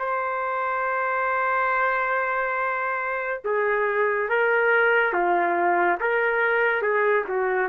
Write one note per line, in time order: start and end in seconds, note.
0.00 3.43 C5
3.45 4.30 G#4
4.30 5.14 A#4
5.14 5.99 F4
6.01 6.83 A#4
6.83 7.25 G#4
7.29 7.69 F#4